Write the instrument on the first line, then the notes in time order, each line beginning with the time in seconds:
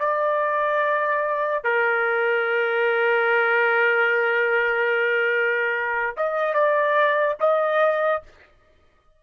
trumpet
0.00 D5
1.64 A#4
6.17 D#5
6.54 D5
7.41 D#5